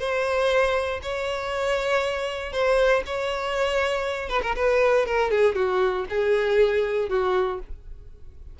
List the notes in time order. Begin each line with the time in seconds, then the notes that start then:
0.00 C5
1.03 C#5
2.53 C5
3.06 C#5
4.29 B4
4.43 A#4
4.56 B4
5.06 A#4
5.31 G#4
5.55 F#4
6.10 G#4
7.10 F#4